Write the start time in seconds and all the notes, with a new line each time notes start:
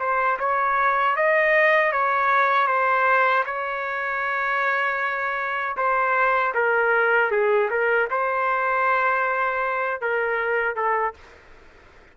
0.00 C5
0.40 C#5
1.16 D#5
1.93 C#5
2.68 C5
3.46 C#5
5.77 C5
6.55 A#4
7.32 G#4
7.71 A#4
8.11 C5
10.02 A#4
10.76 A4